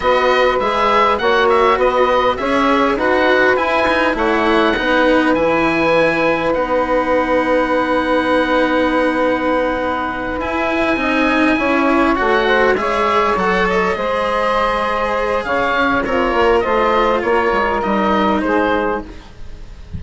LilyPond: <<
  \new Staff \with { instrumentName = "oboe" } { \time 4/4 \tempo 4 = 101 dis''4 e''4 fis''8 e''8 dis''4 | e''4 fis''4 gis''4 fis''4~ | fis''4 gis''2 fis''4~ | fis''1~ |
fis''4. gis''2~ gis''8~ | gis''8 fis''4 e''4 fis''8 dis''4~ | dis''2 f''4 cis''4 | dis''4 cis''4 dis''4 c''4 | }
  \new Staff \with { instrumentName = "saxophone" } { \time 4/4 b'2 cis''4 b'4 | cis''4 b'2 cis''4 | b'1~ | b'1~ |
b'2~ b'8 dis''4 cis''8~ | cis''4 c''8 cis''2 c''8~ | c''2 cis''4 f'4 | c''4 ais'2 gis'4 | }
  \new Staff \with { instrumentName = "cello" } { \time 4/4 fis'4 gis'4 fis'2 | gis'4 fis'4 e'8 dis'8 e'4 | dis'4 e'2 dis'4~ | dis'1~ |
dis'4. e'4 dis'4 e'8~ | e'8 fis'4 gis'4 a'4 gis'8~ | gis'2. ais'4 | f'2 dis'2 | }
  \new Staff \with { instrumentName = "bassoon" } { \time 4/4 b4 gis4 ais4 b4 | cis'4 dis'4 e'4 a4 | b4 e2 b4~ | b1~ |
b4. e'4 c'4 cis'8~ | cis'8 a4 gis4 fis4 gis8~ | gis2 cis8 cis'8 c'8 ais8 | a4 ais8 gis8 g4 gis4 | }
>>